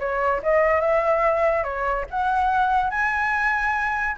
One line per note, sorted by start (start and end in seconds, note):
0.00 0.42 C#5
0.43 0.81 D#5
0.81 1.64 E5
1.64 2.06 C#5
2.11 2.91 F#5
2.91 4.17 G#5